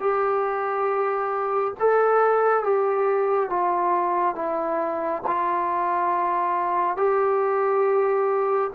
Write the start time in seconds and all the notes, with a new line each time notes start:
0.00 G4
1.79 A4
2.64 G4
3.50 F4
4.35 E4
5.27 F4
6.97 G4